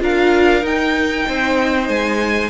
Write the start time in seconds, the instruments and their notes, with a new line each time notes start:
0.00 cello D4, viola F4, violin A#4 F5
0.62 viola D#4, cello D#4, violin G5
1.28 cello C4, violin C5
1.88 cello G#3, violin G#5